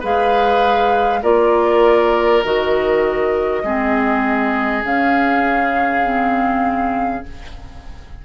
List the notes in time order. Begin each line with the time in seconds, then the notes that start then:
0.00 G#3 G#4 B4 F5
1.23 A#3 F4 A#4 D5
2.44 D#3 F#4 D#5
3.63 G#3 C4 G#4
4.83 C#3 C#4 F5
6.03 C4